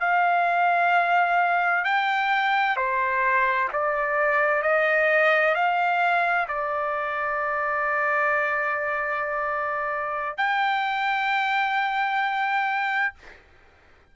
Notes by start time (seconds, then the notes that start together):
0.00 F5
1.84 G5
2.76 C5
3.73 D5
4.62 D#5
5.55 F5
6.48 D5
10.37 G5